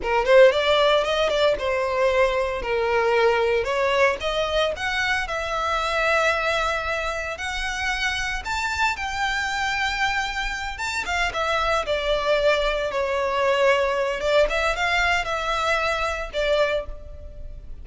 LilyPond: \new Staff \with { instrumentName = "violin" } { \time 4/4 \tempo 4 = 114 ais'8 c''8 d''4 dis''8 d''8 c''4~ | c''4 ais'2 cis''4 | dis''4 fis''4 e''2~ | e''2 fis''2 |
a''4 g''2.~ | g''8 a''8 f''8 e''4 d''4.~ | d''8 cis''2~ cis''8 d''8 e''8 | f''4 e''2 d''4 | }